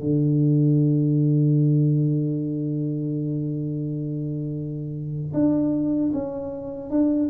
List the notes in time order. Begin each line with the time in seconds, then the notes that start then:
0.00 D3
5.34 D4
6.14 C#4
6.91 D4